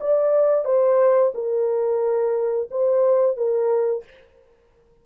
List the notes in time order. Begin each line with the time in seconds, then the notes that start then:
0.00 D5
0.64 C5
1.34 A#4
2.70 C5
3.36 A#4